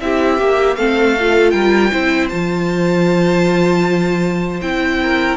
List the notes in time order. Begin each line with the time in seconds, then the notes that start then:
0.00 C4 E4 G4 E5
0.38 A#3 G4
0.75 A3 C4 A4 F5
1.19 F4
1.50 G3 A#4 G5
1.90 C4 E4 C5
2.29 F3 F4 A5
4.61 C4 E4 G5
5.02 A#4